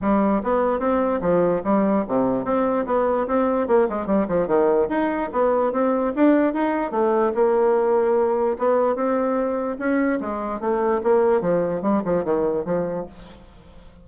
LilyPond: \new Staff \with { instrumentName = "bassoon" } { \time 4/4 \tempo 4 = 147 g4 b4 c'4 f4 | g4 c4 c'4 b4 | c'4 ais8 gis8 g8 f8 dis4 | dis'4 b4 c'4 d'4 |
dis'4 a4 ais2~ | ais4 b4 c'2 | cis'4 gis4 a4 ais4 | f4 g8 f8 dis4 f4 | }